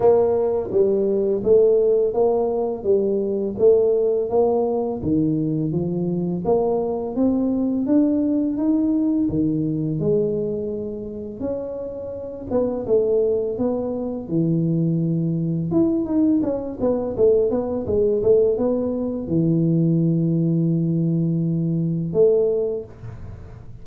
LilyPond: \new Staff \with { instrumentName = "tuba" } { \time 4/4 \tempo 4 = 84 ais4 g4 a4 ais4 | g4 a4 ais4 dis4 | f4 ais4 c'4 d'4 | dis'4 dis4 gis2 |
cis'4. b8 a4 b4 | e2 e'8 dis'8 cis'8 b8 | a8 b8 gis8 a8 b4 e4~ | e2. a4 | }